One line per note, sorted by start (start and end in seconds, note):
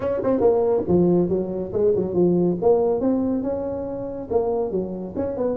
0.00 0.21 C#4
0.23 0.40 C4
0.40 0.83 A#3
0.88 1.29 F3
1.29 1.71 F#3
1.72 1.94 G#3
1.95 2.14 F#3
2.14 2.56 F3
2.61 3.00 A#3
3.00 3.42 C4
3.42 4.28 C#4
4.30 4.71 A#3
4.71 5.14 F#3
5.16 5.36 C#4
5.36 5.57 B3